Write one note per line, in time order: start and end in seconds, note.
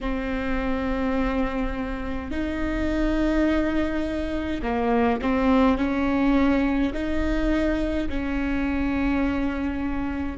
0.01 2.31 C4
2.31 4.62 D#4
4.62 5.20 A#3
5.21 5.77 C4
5.77 6.92 C#4
6.93 8.08 D#4
8.09 10.37 C#4